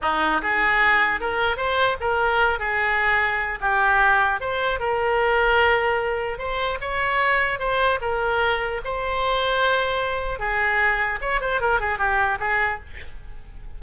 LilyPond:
\new Staff \with { instrumentName = "oboe" } { \time 4/4 \tempo 4 = 150 dis'4 gis'2 ais'4 | c''4 ais'4. gis'4.~ | gis'4 g'2 c''4 | ais'1 |
c''4 cis''2 c''4 | ais'2 c''2~ | c''2 gis'2 | cis''8 c''8 ais'8 gis'8 g'4 gis'4 | }